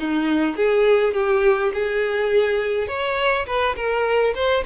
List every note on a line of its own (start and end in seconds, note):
0.00 0.57 D#4
0.57 1.14 G#4
1.14 1.72 G4
1.74 2.88 G#4
2.88 3.46 C#5
3.47 3.76 B4
3.76 4.35 A#4
4.35 4.64 C5